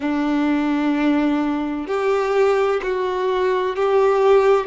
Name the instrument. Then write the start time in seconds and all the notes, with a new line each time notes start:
violin
0.00 D4
1.87 G4
2.83 F#4
3.75 G4